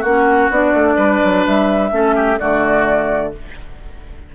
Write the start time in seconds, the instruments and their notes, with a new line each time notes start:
0.00 bassoon A#3, clarinet C#4, oboe F#4, flute F#5
0.50 bassoon B3, clarinet D4, flute D5
0.73 bassoon A3
0.96 bassoon G3, oboe B4
1.23 bassoon F#3
1.46 bassoon G3, flute E5
1.91 bassoon A3, clarinet C#4, oboe A4
2.15 oboe G4
2.38 bassoon D3, clarinet A3, oboe F#4, flute D5